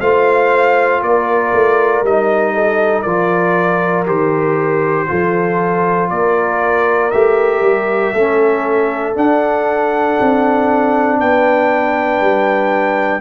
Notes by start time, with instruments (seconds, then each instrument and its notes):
0.00 tuba A3, trombone F4, horn C5, trumpet F5
1.02 tuba A#3, horn A#4, trumpet D5
1.54 tuba A3
2.03 tuba G3, trombone D#4, trumpet D#5
2.55 horn A4
3.02 tuba F3, trombone F4, horn A#4, trumpet D5
4.06 tuba D#3, trombone G4, trumpet C5
5.08 tuba F3, trombone F4, horn A4
6.10 tuba A#3, horn A#4, trumpet D5
7.11 tuba A3, trombone G4, trumpet E5
7.62 tuba G3
8.14 tuba A3, trombone C#4, horn A4
9.15 trombone D4, tuba D4, trumpet F#5
10.20 tuba C4
11.20 tuba B3, horn B4, trumpet G5
12.21 tuba G3